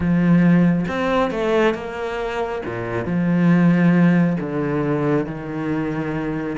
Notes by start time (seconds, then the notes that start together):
0.00 F3
0.88 C4
1.30 A3
1.74 A#3
2.65 A#2
3.05 F3
4.40 D3
5.26 D#3